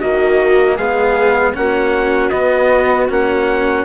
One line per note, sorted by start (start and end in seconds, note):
0.00 0.77 D#3
0.00 0.79 A#3
0.00 0.76 F#4
0.00 0.77 D#5
0.76 1.54 G#3
0.76 1.54 B3
0.76 1.53 G#4
0.76 1.54 F5
1.54 2.31 A#3
1.54 2.31 C#4
1.54 3.84 F#4
1.54 2.30 F#5
2.30 3.08 B3
2.30 3.09 B3
2.30 3.07 D#5
3.09 3.84 A#3
3.09 3.84 C#4
3.09 3.84 F#5